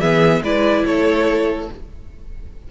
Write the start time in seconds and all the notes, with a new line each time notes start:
0.00 E3 B3 G#4 E5
0.42 G#3 E4 B4 D5
0.86 A3 A4 C#5